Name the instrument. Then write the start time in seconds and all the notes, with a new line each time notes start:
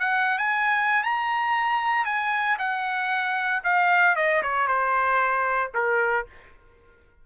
trumpet
0.00 F#5
0.38 G#5
1.04 A#5
2.05 G#5
2.59 F#5
3.64 F5
4.16 D#5
4.43 C#5
4.68 C5
5.74 A#4